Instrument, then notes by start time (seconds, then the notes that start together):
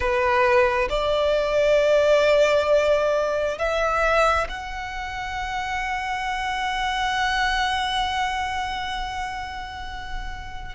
violin
0.00 B4
0.90 D5
3.58 E5
4.49 F#5